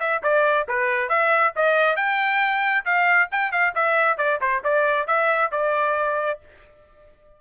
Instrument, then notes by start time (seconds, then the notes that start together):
trumpet
0.00 E5
0.23 D5
0.68 B4
1.09 E5
1.56 D#5
1.97 G5
2.85 F5
3.32 G5
3.52 F5
3.75 E5
4.18 D5
4.41 C5
4.64 D5
5.08 E5
5.52 D5